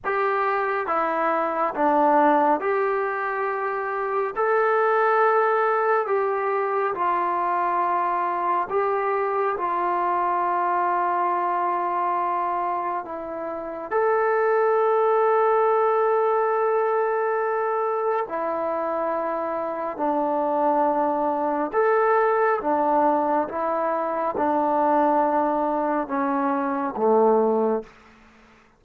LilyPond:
\new Staff \with { instrumentName = "trombone" } { \time 4/4 \tempo 4 = 69 g'4 e'4 d'4 g'4~ | g'4 a'2 g'4 | f'2 g'4 f'4~ | f'2. e'4 |
a'1~ | a'4 e'2 d'4~ | d'4 a'4 d'4 e'4 | d'2 cis'4 a4 | }